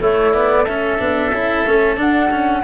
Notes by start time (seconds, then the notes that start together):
0.00 A3 E4 C#5
0.34 B3 D5
0.64 C#4 A4 E5
0.99 B3 D4
1.33 C#4 E4
1.67 A3 C#4
1.97 D4 F#5
2.31 C#4